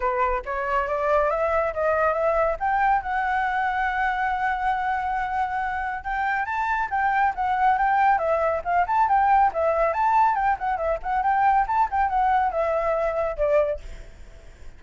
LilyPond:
\new Staff \with { instrumentName = "flute" } { \time 4/4 \tempo 4 = 139 b'4 cis''4 d''4 e''4 | dis''4 e''4 g''4 fis''4~ | fis''1~ | fis''2 g''4 a''4 |
g''4 fis''4 g''4 e''4 | f''8 a''8 g''4 e''4 a''4 | g''8 fis''8 e''8 fis''8 g''4 a''8 g''8 | fis''4 e''2 d''4 | }